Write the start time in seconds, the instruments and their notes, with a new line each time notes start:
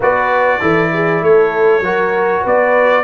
0.00 tuba B3, trombone F#4, horn B4, trumpet D5
0.60 tuba E3, trombone E4, horn A4
0.92 horn G#4
1.21 tuba A3, horn A4, trumpet C#5
1.80 tuba F#3, trombone F#4, horn A#4
2.41 tuba B3, horn B4, trumpet D5